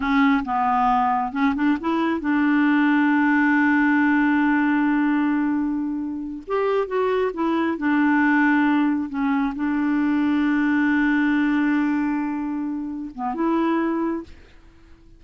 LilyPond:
\new Staff \with { instrumentName = "clarinet" } { \time 4/4 \tempo 4 = 135 cis'4 b2 cis'8 d'8 | e'4 d'2.~ | d'1~ | d'2~ d'8 g'4 fis'8~ |
fis'8 e'4 d'2~ d'8~ | d'8 cis'4 d'2~ d'8~ | d'1~ | d'4. b8 e'2 | }